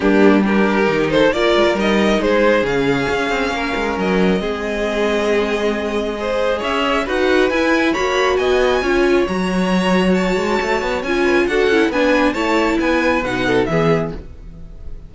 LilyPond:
<<
  \new Staff \with { instrumentName = "violin" } { \time 4/4 \tempo 4 = 136 g'4 ais'4. c''8 d''4 | dis''4 c''4 f''2~ | f''4 dis''2.~ | dis''2. e''4 |
fis''4 gis''4 b''4 gis''4~ | gis''4 ais''2 a''4~ | a''4 gis''4 fis''4 gis''4 | a''4 gis''4 fis''4 e''4 | }
  \new Staff \with { instrumentName = "violin" } { \time 4/4 d'4 g'4. a'8 ais'4~ | ais'4 gis'2. | ais'2 gis'2~ | gis'2 c''4 cis''4 |
b'2 cis''4 dis''4 | cis''1~ | cis''4. b'8 a'4 b'4 | cis''4 b'4. a'8 gis'4 | }
  \new Staff \with { instrumentName = "viola" } { \time 4/4 ais4 d'4 dis'4 f'4 | dis'2 cis'2~ | cis'2 c'2~ | c'2 gis'2 |
fis'4 e'4 fis'2 | f'4 fis'2.~ | fis'4 f'4 fis'8 e'8 d'4 | e'2 dis'4 b4 | }
  \new Staff \with { instrumentName = "cello" } { \time 4/4 g2 dis4 ais8 gis16 ais16 | g4 gis4 cis4 cis'8 c'8 | ais8 gis8 fis4 gis2~ | gis2. cis'4 |
dis'4 e'4 ais4 b4 | cis'4 fis2~ fis8 gis8 | a8 b8 cis'4 d'8 cis'8 b4 | a4 b4 b,4 e4 | }
>>